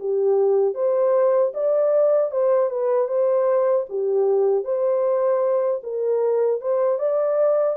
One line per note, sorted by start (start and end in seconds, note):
0.00 0.75 G4
0.75 1.53 C5
1.54 2.32 D5
2.32 2.70 C5
2.70 3.08 B4
3.08 3.86 C5
3.90 4.65 G4
4.65 5.82 C5
5.83 6.61 A#4
6.61 6.99 C5
6.99 7.77 D5